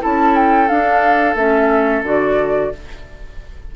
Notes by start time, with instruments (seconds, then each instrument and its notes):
0.00 bassoon C#4, clarinet E4, oboe A4, flute A5
0.35 flute G5
0.68 clarinet D4, bassoon D4, flute F5
1.35 bassoon A3, clarinet C#4, flute E5
2.03 bassoon D3, clarinet F#4, flute D5